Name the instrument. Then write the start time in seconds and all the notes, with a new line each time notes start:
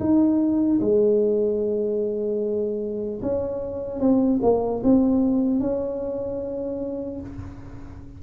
tuba
0.00 D#4
0.81 G#3
3.23 C#4
4.00 C4
4.43 A#3
4.84 C4
5.61 C#4